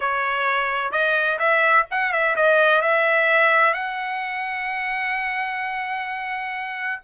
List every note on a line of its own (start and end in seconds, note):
0.00 0.91 C#5
0.91 1.38 D#5
1.38 1.85 E5
1.90 2.12 F#5
2.12 2.35 E5
2.35 2.81 D#5
2.81 3.73 E5
3.73 7.01 F#5